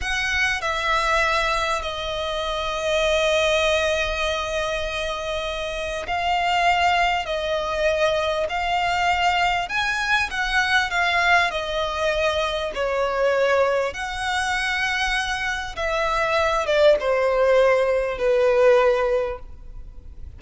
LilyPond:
\new Staff \with { instrumentName = "violin" } { \time 4/4 \tempo 4 = 99 fis''4 e''2 dis''4~ | dis''1~ | dis''2 f''2 | dis''2 f''2 |
gis''4 fis''4 f''4 dis''4~ | dis''4 cis''2 fis''4~ | fis''2 e''4. d''8 | c''2 b'2 | }